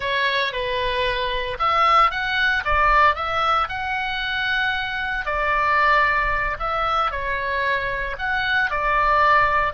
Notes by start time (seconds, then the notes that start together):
0.00 C#5
0.52 B4
1.59 E5
2.11 F#5
2.65 D5
3.15 E5
3.68 F#5
5.25 D5
6.59 E5
7.11 C#5
8.18 F#5
8.70 D5